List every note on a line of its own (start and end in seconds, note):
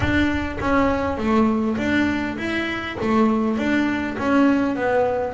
0.00 0.58 D4
0.60 1.17 C#4
1.17 1.77 A3
1.77 2.37 D4
2.37 2.96 E4
3.01 3.57 A3
3.57 4.17 D4
4.18 4.76 C#4
4.76 5.33 B3